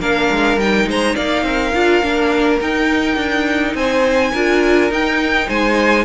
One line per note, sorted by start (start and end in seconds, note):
0.00 0.29 A#3
0.00 0.59 D4
0.00 0.88 A#4
0.00 0.59 F5
0.31 0.57 G#3
0.57 0.86 G3
0.57 1.74 D#4
0.57 0.89 G5
0.87 1.15 G#3
0.87 1.15 C5
0.87 1.16 A#5
1.15 1.43 A#3
1.15 1.44 D5
1.15 2.60 F5
1.43 1.72 C4
1.43 3.77 A#4
1.74 2.03 D4
1.74 2.02 F4
2.02 2.60 A#3
2.02 2.60 D4
2.61 4.34 D#4
2.61 3.16 D#4
2.61 3.76 G5
3.16 3.74 D4
3.75 4.32 C4
3.75 4.32 C5
3.75 4.91 G#5
4.32 4.91 D4
4.32 4.90 F4
4.32 5.47 A#4
4.90 6.05 D#4
4.90 5.48 D#4
4.90 5.49 G5
5.48 6.05 G#3
5.48 6.05 C5
5.48 6.05 G#5